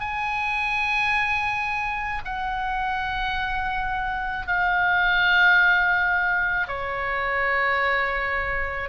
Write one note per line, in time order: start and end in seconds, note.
0.00 2.22 G#5
2.25 4.47 F#5
4.47 6.68 F5
6.68 8.89 C#5